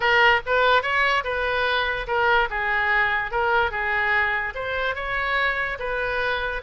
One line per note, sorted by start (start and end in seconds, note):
0.00 0.40 A#4
0.46 0.82 B4
0.82 1.23 C#5
1.23 2.06 B4
2.07 2.48 A#4
2.50 3.31 G#4
3.31 3.71 A#4
3.71 4.53 G#4
4.55 4.95 C5
4.95 5.77 C#5
5.79 6.62 B4